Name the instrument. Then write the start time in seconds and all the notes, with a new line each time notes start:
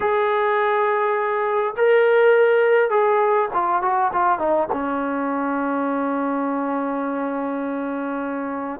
trombone
0.00 G#4
1.76 A#4
2.90 G#4
3.53 F4
3.82 F#4
4.13 F4
4.38 D#4
4.72 C#4